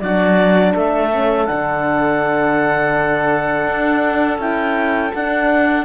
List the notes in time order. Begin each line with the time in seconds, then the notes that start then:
0.00 F#3 D4 F#4 D5
0.74 A3 A4 E5
1.12 C#4
1.46 D3 D4 F#5
3.68 D4
4.39 C#4 E4 G5
5.15 D4 F#5